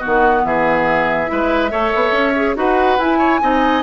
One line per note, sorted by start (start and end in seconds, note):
0.00 1.27 B3
0.00 0.42 F#4
0.06 0.45 D#3
0.06 0.45 F#5
0.45 1.29 E3
0.45 1.32 G#4
0.45 2.56 E5
1.27 1.73 G#3
1.27 1.69 E4
1.27 1.72 B4
1.71 1.94 A3
1.71 2.34 A4
1.71 2.56 C#5
1.96 2.13 B3
2.13 2.55 C#4
2.36 2.56 G#4
2.56 2.99 D#4
2.56 2.98 F#4
2.56 3.19 B4
2.56 3.00 F#5
2.99 3.41 E4
2.99 3.83 G#5
3.19 3.40 C#5
3.41 3.83 C4
3.41 3.83 D#4
3.41 3.83 D#5